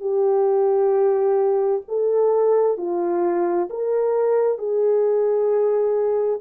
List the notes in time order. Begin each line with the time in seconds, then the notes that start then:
0.00 G4
1.88 A4
2.78 F4
3.70 A#4
4.58 G#4